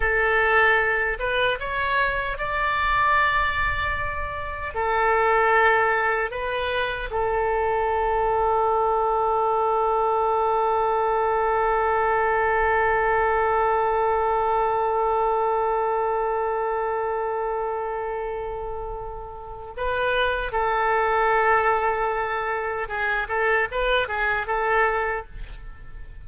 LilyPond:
\new Staff \with { instrumentName = "oboe" } { \time 4/4 \tempo 4 = 76 a'4. b'8 cis''4 d''4~ | d''2 a'2 | b'4 a'2.~ | a'1~ |
a'1~ | a'1~ | a'4 b'4 a'2~ | a'4 gis'8 a'8 b'8 gis'8 a'4 | }